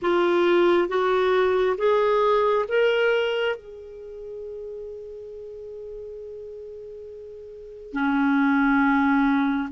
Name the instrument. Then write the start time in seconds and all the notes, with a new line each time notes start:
clarinet
0.02 F4
0.88 F#4
1.77 G#4
2.68 A#4
3.56 G#4
7.93 C#4